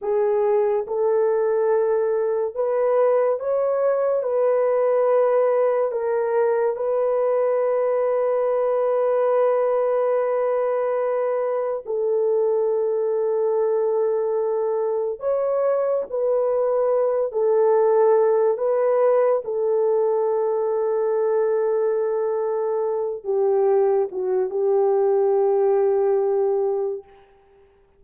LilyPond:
\new Staff \with { instrumentName = "horn" } { \time 4/4 \tempo 4 = 71 gis'4 a'2 b'4 | cis''4 b'2 ais'4 | b'1~ | b'2 a'2~ |
a'2 cis''4 b'4~ | b'8 a'4. b'4 a'4~ | a'2.~ a'8 g'8~ | g'8 fis'8 g'2. | }